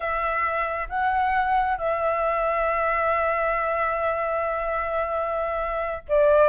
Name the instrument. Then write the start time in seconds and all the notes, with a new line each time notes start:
flute
0.00 E5
0.89 F#5
1.78 E5
6.08 D5